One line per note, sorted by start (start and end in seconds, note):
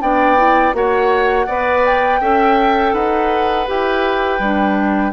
0.00 0.73 B3
0.00 0.36 D4
0.00 0.75 D5
0.00 0.74 G5
0.36 0.73 E4
0.73 1.46 A#3
0.73 1.46 F#4
0.73 1.46 C#5
0.73 1.84 F#5
1.46 2.20 B3
1.46 2.21 B4
1.46 2.19 D5
1.84 2.94 G5
2.20 2.93 C#4
2.20 3.66 A4
2.20 2.93 E5
2.93 3.66 D#4
2.93 5.12 B4
2.93 3.67 F#5
3.66 4.39 E4
3.66 4.39 G4
3.66 5.12 G5
4.39 5.12 G3
4.39 5.12 D4